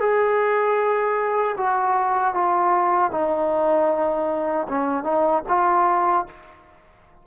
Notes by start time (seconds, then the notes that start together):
0.00 G#4
1.57 F#4
2.34 F4
3.11 D#4
4.68 C#4
5.04 D#4
5.48 F4